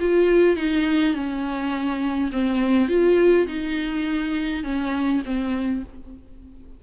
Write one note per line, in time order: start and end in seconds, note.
0.00 0.56 F4
0.56 1.14 D#4
1.14 2.31 C#4
2.32 2.88 C4
2.88 3.47 F4
3.47 4.64 D#4
4.64 5.22 C#4
5.25 5.83 C4